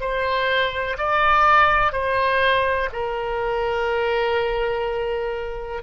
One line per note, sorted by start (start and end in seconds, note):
0.00 0.97 C5
0.98 1.92 D5
1.92 2.89 C5
2.93 5.82 A#4